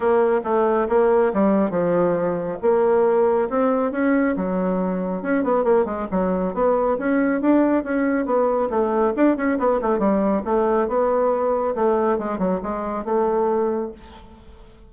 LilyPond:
\new Staff \with { instrumentName = "bassoon" } { \time 4/4 \tempo 4 = 138 ais4 a4 ais4 g4 | f2 ais2 | c'4 cis'4 fis2 | cis'8 b8 ais8 gis8 fis4 b4 |
cis'4 d'4 cis'4 b4 | a4 d'8 cis'8 b8 a8 g4 | a4 b2 a4 | gis8 fis8 gis4 a2 | }